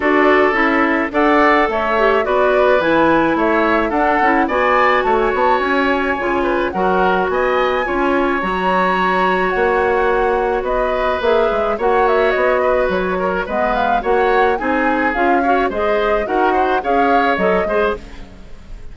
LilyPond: <<
  \new Staff \with { instrumentName = "flute" } { \time 4/4 \tempo 4 = 107 d''4 e''4 fis''4 e''4 | d''4 gis''4 e''4 fis''4 | gis''4 a''16 gis''16 a''8 gis''2 | fis''4 gis''2 ais''4~ |
ais''4 fis''2 dis''4 | e''4 fis''8 e''8 dis''4 cis''4 | dis''8 f''8 fis''4 gis''4 f''4 | dis''4 fis''4 f''4 dis''4 | }
  \new Staff \with { instrumentName = "oboe" } { \time 4/4 a'2 d''4 cis''4 | b'2 cis''4 a'4 | d''4 cis''2~ cis''8 b'8 | ais'4 dis''4 cis''2~ |
cis''2. b'4~ | b'4 cis''4. b'4 ais'8 | b'4 cis''4 gis'4. cis''8 | c''4 ais'8 c''8 cis''4. c''8 | }
  \new Staff \with { instrumentName = "clarinet" } { \time 4/4 fis'4 e'4 a'4. g'8 | fis'4 e'2 d'8 e'8 | fis'2. f'4 | fis'2 f'4 fis'4~ |
fis'1 | gis'4 fis'2. | b4 fis'4 dis'4 f'8 fis'8 | gis'4 fis'4 gis'4 a'8 gis'8 | }
  \new Staff \with { instrumentName = "bassoon" } { \time 4/4 d'4 cis'4 d'4 a4 | b4 e4 a4 d'8 cis'8 | b4 a8 b8 cis'4 cis4 | fis4 b4 cis'4 fis4~ |
fis4 ais2 b4 | ais8 gis8 ais4 b4 fis4 | gis4 ais4 c'4 cis'4 | gis4 dis'4 cis'4 fis8 gis8 | }
>>